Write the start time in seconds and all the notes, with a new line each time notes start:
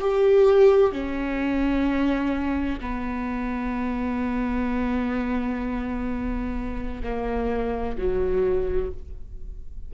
0.00 G4
0.92 C#4
2.80 B3
7.03 A#3
7.97 F#3